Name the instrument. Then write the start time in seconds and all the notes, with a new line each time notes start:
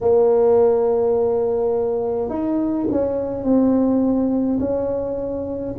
tuba
0.01 A#3
2.29 D#4
2.91 C#4
3.43 C4
4.59 C#4